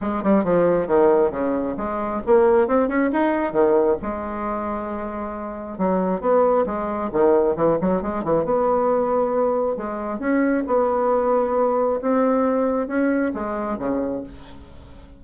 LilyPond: \new Staff \with { instrumentName = "bassoon" } { \time 4/4 \tempo 4 = 135 gis8 g8 f4 dis4 cis4 | gis4 ais4 c'8 cis'8 dis'4 | dis4 gis2.~ | gis4 fis4 b4 gis4 |
dis4 e8 fis8 gis8 e8 b4~ | b2 gis4 cis'4 | b2. c'4~ | c'4 cis'4 gis4 cis4 | }